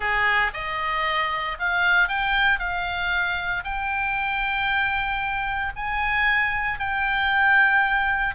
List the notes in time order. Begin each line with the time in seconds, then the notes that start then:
0.00 G#4
0.53 D#5
1.59 F5
2.08 G5
2.59 F5
3.64 G5
5.76 G#5
6.79 G5